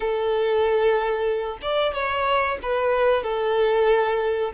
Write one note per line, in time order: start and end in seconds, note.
0.00 1.58 A4
1.61 1.93 D5
1.93 2.58 C#5
2.62 3.23 B4
3.23 4.52 A4